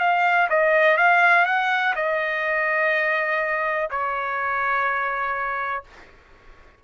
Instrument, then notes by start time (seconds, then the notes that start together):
trumpet
0.00 F5
0.50 D#5
0.98 F5
1.46 F#5
1.96 D#5
3.91 C#5